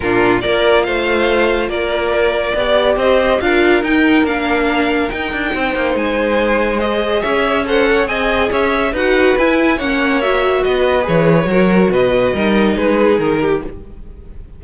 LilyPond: <<
  \new Staff \with { instrumentName = "violin" } { \time 4/4 \tempo 4 = 141 ais'4 d''4 f''2 | d''2. dis''4 | f''4 g''4 f''2 | g''2 gis''2 |
dis''4 e''4 fis''4 gis''4 | e''4 fis''4 gis''4 fis''4 | e''4 dis''4 cis''2 | dis''2 b'4 ais'4 | }
  \new Staff \with { instrumentName = "violin" } { \time 4/4 f'4 ais'4 c''2 | ais'2 d''4 c''4 | ais'1~ | ais'4 c''2.~ |
c''4 cis''4 c''8 cis''8 dis''4 | cis''4 b'2 cis''4~ | cis''4 b'2 ais'4 | b'4 ais'4 gis'4. g'8 | }
  \new Staff \with { instrumentName = "viola" } { \time 4/4 d'4 f'2.~ | f'2 g'2 | f'4 dis'4 d'2 | dis'1 |
gis'2 a'4 gis'4~ | gis'4 fis'4 e'4 cis'4 | fis'2 gis'4 fis'4~ | fis'4 dis'2. | }
  \new Staff \with { instrumentName = "cello" } { \time 4/4 ais,4 ais4 a2 | ais2 b4 c'4 | d'4 dis'4 ais2 | dis'8 d'8 c'8 ais8 gis2~ |
gis4 cis'2 c'4 | cis'4 dis'4 e'4 ais4~ | ais4 b4 e4 fis4 | b,4 g4 gis4 dis4 | }
>>